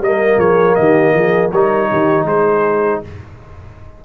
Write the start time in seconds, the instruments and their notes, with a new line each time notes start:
0.00 tuba G3, trombone A#3, horn A#4, trumpet D#5
0.38 tuba F3, horn G#4, trumpet C#5
0.75 tuba D#3, horn G4, trumpet D#5
1.14 tuba F3, horn G#4
1.51 tuba G3, trombone D#4, horn A#4, trumpet C#5
1.90 tuba D#3, horn G4
2.24 tuba G#3, horn G#4, trumpet C5